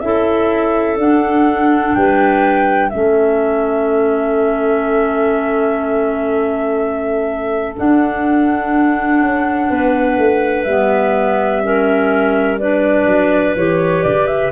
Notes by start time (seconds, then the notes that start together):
0.00 C#4 E4 A4 E5
0.97 D4 F#5
1.94 G3 B4 G5
2.90 A3 C#4 A4 E5
7.76 D4 F#5
9.21 C#4
9.69 B3 B4
10.18 A3
10.64 G3 B3 E5
11.63 C#4 A#4
12.58 D4 B4 D5
13.05 F#3
13.56 E3 G4 C#5
14.03 C#3 D5
14.27 E5